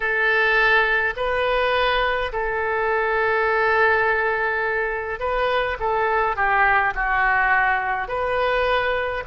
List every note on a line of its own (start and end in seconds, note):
0.00 1.14 A4
1.16 2.31 B4
2.32 5.19 A4
5.19 5.77 B4
5.79 6.36 A4
6.36 6.93 G4
6.94 8.08 F#4
8.08 9.23 B4